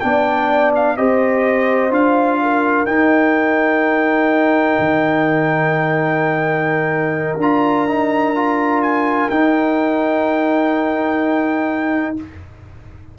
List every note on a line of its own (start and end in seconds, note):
0.00 0.98 B3
0.00 0.97 D4
0.00 0.98 D5
0.00 0.71 G5
0.75 0.97 F5
0.97 1.90 C4
0.97 1.91 G4
0.97 2.41 C5
0.97 1.92 D#5
1.90 2.85 D4
1.90 2.86 F4
1.90 2.86 F5
2.42 12.18 A#4
2.86 4.77 D#4
2.86 7.39 D#4
2.86 7.38 G5
4.79 7.37 D#3
7.37 9.27 D4
7.37 7.88 F4
7.37 8.82 A#5
7.88 8.35 D#4
8.35 9.30 F4
8.82 9.30 G#5
9.30 12.16 D#4
9.30 12.15 G5